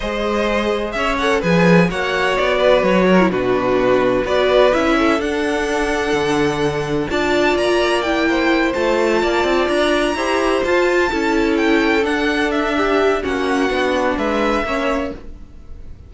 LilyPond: <<
  \new Staff \with { instrumentName = "violin" } { \time 4/4 \tempo 4 = 127 dis''2 e''8 fis''8 gis''4 | fis''4 d''4 cis''4 b'4~ | b'4 d''4 e''4 fis''4~ | fis''2. a''4 |
ais''4 g''4. a''4.~ | a''8 ais''2 a''4.~ | a''8 g''4 fis''4 e''4. | fis''2 e''2 | }
  \new Staff \with { instrumentName = "violin" } { \time 4/4 c''2 cis''4 b'4 | cis''4. b'4 ais'8 fis'4~ | fis'4 b'4. a'4.~ | a'2. d''4~ |
d''4. c''2 d''8~ | d''4. c''2 a'8~ | a'2. g'4 | fis'2 b'4 cis''4 | }
  \new Staff \with { instrumentName = "viola" } { \time 4/4 gis'2~ gis'8 a'8 gis'4 | fis'2~ fis'8. e'16 d'4~ | d'4 fis'4 e'4 d'4~ | d'2. f'4~ |
f'4 e'4. f'4.~ | f'4. g'4 f'4 e'8~ | e'4. d'2~ d'8 | cis'4 d'2 cis'4 | }
  \new Staff \with { instrumentName = "cello" } { \time 4/4 gis2 cis'4 f4 | ais4 b4 fis4 b,4~ | b,4 b4 cis'4 d'4~ | d'4 d2 d'4 |
ais2~ ais8 a4 ais8 | c'8 d'4 e'4 f'4 cis'8~ | cis'4. d'2~ d'8 | ais4 b4 gis4 ais4 | }
>>